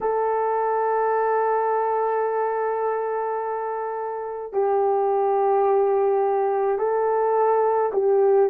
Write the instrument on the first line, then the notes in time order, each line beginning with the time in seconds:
horn
0.00 A4
4.53 G4
6.78 A4
7.92 G4